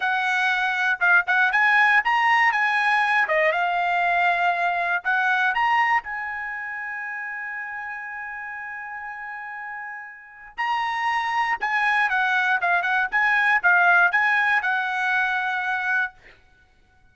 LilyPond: \new Staff \with { instrumentName = "trumpet" } { \time 4/4 \tempo 4 = 119 fis''2 f''8 fis''8 gis''4 | ais''4 gis''4. dis''8 f''4~ | f''2 fis''4 ais''4 | gis''1~ |
gis''1~ | gis''4 ais''2 gis''4 | fis''4 f''8 fis''8 gis''4 f''4 | gis''4 fis''2. | }